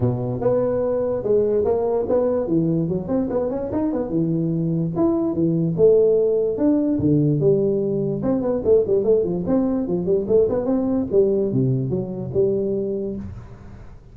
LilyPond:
\new Staff \with { instrumentName = "tuba" } { \time 4/4 \tempo 4 = 146 b,4 b2 gis4 | ais4 b4 e4 fis8 c'8 | b8 cis'8 dis'8 b8 e2 | e'4 e4 a2 |
d'4 d4 g2 | c'8 b8 a8 g8 a8 f8 c'4 | f8 g8 a8 b8 c'4 g4 | c4 fis4 g2 | }